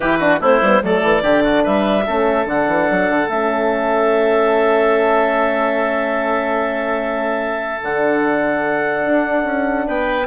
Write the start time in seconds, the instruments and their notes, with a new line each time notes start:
0.00 bassoon E3, horn E4, oboe G4, clarinet B4
0.18 horn D4, oboe F#4
0.40 bassoon A3, horn C4, oboe E4, clarinet C5
0.61 bassoon G3, horn B3
0.81 bassoon F#3, horn A3, oboe A4, clarinet D5
1.02 bassoon E3
1.22 bassoon D3, horn D4, oboe G4
1.44 oboe F#4
1.63 bassoon G3, oboe B4, clarinet E5
2.06 bassoon A3, horn C#4, oboe A4
2.45 bassoon D3, horn D4, clarinet F#5
2.67 bassoon E3
2.90 bassoon F#3
3.09 bassoon D3
3.27 bassoon A3, horn C#4, clarinet E5
7.81 bassoon D3, horn D4, clarinet F#5
9.05 bassoon D4
9.44 bassoon C#4
9.86 bassoon B3, oboe B4, clarinet G5